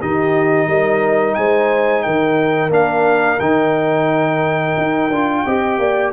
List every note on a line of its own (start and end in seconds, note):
0.00 0.67 D#3
0.00 2.70 D#4
0.00 0.68 G4
0.00 1.34 D#5
0.67 1.35 G3
0.67 1.36 A#4
1.34 2.05 G#3
1.34 2.05 C5
1.34 2.02 G#5
2.02 2.70 D#3
2.02 5.45 A#4
2.02 2.70 G5
2.70 3.38 A#3
2.70 3.38 D4
2.70 3.39 F5
3.39 4.76 D#3
3.39 5.11 D#4
3.39 6.12 G5
4.77 5.10 D#4
5.10 5.44 D4
5.10 5.47 F4
5.45 5.78 C4
5.45 6.13 G4
5.45 5.79 D#5
5.78 6.12 A#3
5.78 6.13 D5